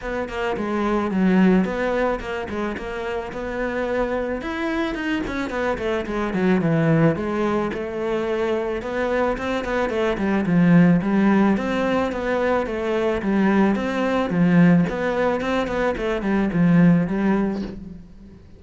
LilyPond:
\new Staff \with { instrumentName = "cello" } { \time 4/4 \tempo 4 = 109 b8 ais8 gis4 fis4 b4 | ais8 gis8 ais4 b2 | e'4 dis'8 cis'8 b8 a8 gis8 fis8 | e4 gis4 a2 |
b4 c'8 b8 a8 g8 f4 | g4 c'4 b4 a4 | g4 c'4 f4 b4 | c'8 b8 a8 g8 f4 g4 | }